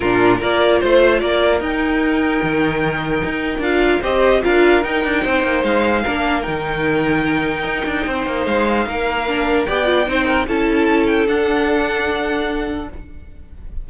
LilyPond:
<<
  \new Staff \with { instrumentName = "violin" } { \time 4/4 \tempo 4 = 149 ais'4 d''4 c''4 d''4 | g''1~ | g''4 f''4 dis''4 f''4 | g''2 f''2 |
g''1~ | g''4 f''2. | g''2 a''4. g''8 | fis''1 | }
  \new Staff \with { instrumentName = "violin" } { \time 4/4 f'4 ais'4 c''4 ais'4~ | ais'1~ | ais'2 c''4 ais'4~ | ais'4 c''2 ais'4~ |
ais'1 | c''2 ais'2 | d''4 c''8 ais'8 a'2~ | a'1 | }
  \new Staff \with { instrumentName = "viola" } { \time 4/4 d'4 f'2. | dis'1~ | dis'4 f'4 g'4 f'4 | dis'2. d'4 |
dis'1~ | dis'2. d'4 | g'8 f'8 dis'4 e'2 | d'1 | }
  \new Staff \with { instrumentName = "cello" } { \time 4/4 ais,4 ais4 a4 ais4 | dis'2 dis2 | dis'4 d'4 c'4 d'4 | dis'8 d'8 c'8 ais8 gis4 ais4 |
dis2. dis'8 d'8 | c'8 ais8 gis4 ais2 | b4 c'4 cis'2 | d'1 | }
>>